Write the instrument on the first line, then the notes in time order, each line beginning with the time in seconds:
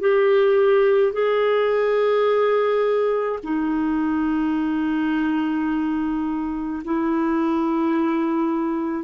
clarinet
0.00 G4
1.13 G#4
3.43 D#4
6.84 E4